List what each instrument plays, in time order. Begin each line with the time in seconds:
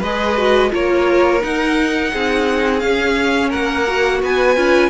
0.00 cello G#3, viola G#4, violin B4 D#5
0.38 viola F#4
0.70 cello A#3, viola F4, violin A#4 C#5
1.41 viola D#4, cello D#4, violin F#5
2.12 cello C4, violin G#4
2.80 viola C#4, cello C#4, violin F5
3.49 cello A#3, violin A#4 F#5
3.87 viola F#4
4.23 cello B3, violin B4 G#5
4.56 cello C#4, viola F4